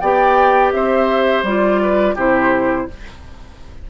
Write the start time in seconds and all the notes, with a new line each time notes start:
0.00 B3 G4 D5 G5
0.72 C4 C5 E5
1.43 G3 F4 D5
1.82 B4
2.15 C3 E4 G4 C5